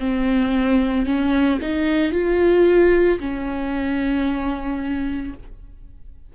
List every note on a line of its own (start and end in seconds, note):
0.00 1.06 C4
1.06 1.59 C#4
1.62 2.12 D#4
2.12 3.19 F4
3.19 5.34 C#4